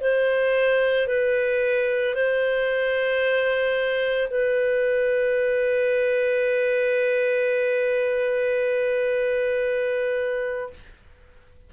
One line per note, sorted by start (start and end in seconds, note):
0.00 1.07 C5
1.07 2.14 B4
2.14 4.29 C5
4.30 10.73 B4